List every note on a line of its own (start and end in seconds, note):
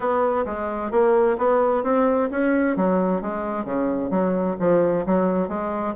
0.00 0.45 B3
0.45 0.91 G#3
0.91 1.36 A#3
1.38 1.83 B3
1.83 2.29 C4
2.30 2.76 C#4
2.76 3.21 F#3
3.21 3.65 G#3
3.65 4.10 C#3
4.10 4.56 F#3
4.59 5.05 F3
5.06 5.48 F#3
5.48 5.94 G#3